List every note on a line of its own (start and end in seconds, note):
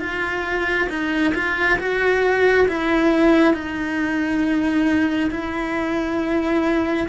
0.00 0.88 F4
0.89 1.34 D#4
1.34 1.78 F4
1.79 2.67 F#4
2.68 3.54 E4
3.54 5.30 D#4
5.31 7.07 E4